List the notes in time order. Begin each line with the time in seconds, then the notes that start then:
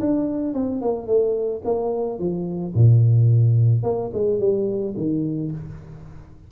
0.00 D4
0.54 C4
0.82 A#3
1.07 A3
1.65 A#3
2.19 F3
2.74 A#2
3.83 A#3
4.13 G#3
4.40 G3
4.97 D#3